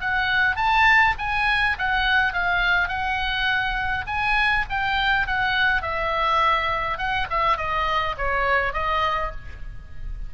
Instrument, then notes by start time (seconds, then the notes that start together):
oboe
0.00 F#5
0.56 A5
1.18 G#5
1.78 F#5
2.33 F5
2.88 F#5
4.06 G#5
4.69 G5
5.26 F#5
5.82 E5
6.97 F#5
7.29 E5
7.57 D#5
8.17 C#5
8.73 D#5